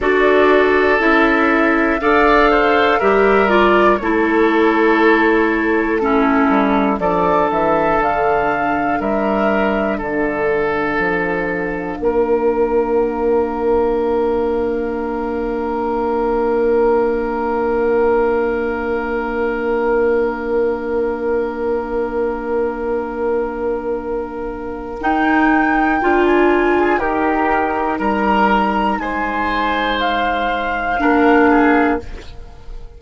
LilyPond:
<<
  \new Staff \with { instrumentName = "flute" } { \time 4/4 \tempo 4 = 60 d''4 e''4 f''4 e''8 d''8 | cis''2 a'4 d''8 e''8 | f''4 e''4 f''2~ | f''1~ |
f''1~ | f''1~ | f''4 g''4~ g''16 gis''8. ais'4 | ais''4 gis''4 f''2 | }
  \new Staff \with { instrumentName = "oboe" } { \time 4/4 a'2 d''8 c''8 ais'4 | a'2 e'4 a'4~ | a'4 ais'4 a'2 | ais'1~ |
ais'1~ | ais'1~ | ais'2~ ais'8. gis'16 g'4 | ais'4 c''2 ais'8 gis'8 | }
  \new Staff \with { instrumentName = "clarinet" } { \time 4/4 fis'4 e'4 a'4 g'8 f'8 | e'2 cis'4 d'4~ | d'1~ | d'1~ |
d'1~ | d'1~ | d'4 dis'4 f'4 dis'4~ | dis'2. d'4 | }
  \new Staff \with { instrumentName = "bassoon" } { \time 4/4 d'4 cis'4 d'4 g4 | a2~ a8 g8 f8 e8 | d4 g4 d4 f4 | ais1~ |
ais1~ | ais1~ | ais4 dis'4 d'4 dis'4 | g4 gis2 ais4 | }
>>